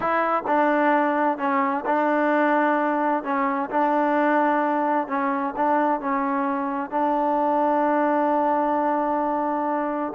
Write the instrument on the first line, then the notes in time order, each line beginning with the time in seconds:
trombone
0.00 E4
0.47 D4
1.38 C#4
1.85 D4
3.23 C#4
3.69 D4
5.07 C#4
5.56 D4
6.00 C#4
6.90 D4